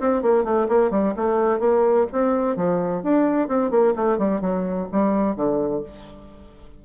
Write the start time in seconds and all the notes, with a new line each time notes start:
0.00 C4
0.22 A#3
0.44 A3
0.69 A#3
0.91 G3
1.16 A3
1.60 A#3
2.12 C4
2.56 F3
3.03 D4
3.48 C4
3.71 A#3
3.96 A3
4.18 G3
4.41 F#3
4.92 G3
5.36 D3